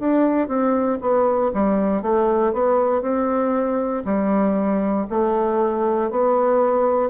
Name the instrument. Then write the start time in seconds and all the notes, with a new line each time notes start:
bassoon
0.00 D4
0.48 C4
1.01 B3
1.54 G3
2.03 A3
2.53 B3
3.02 C4
4.05 G3
5.10 A3
6.11 B3